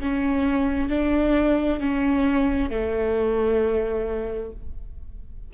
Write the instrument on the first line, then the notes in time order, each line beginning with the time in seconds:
viola
0.00 C#4
0.89 D4
1.80 C#4
2.70 A3